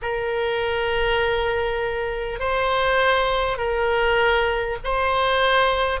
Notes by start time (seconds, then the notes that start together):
0.02 A#4
2.39 C5
3.57 A#4
4.84 C5